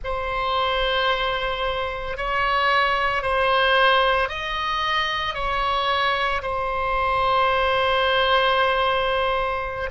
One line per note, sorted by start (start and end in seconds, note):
0.04 2.17 C5
2.17 3.22 C#5
3.22 4.29 C5
4.29 5.34 D#5
5.34 6.41 C#5
6.41 9.90 C5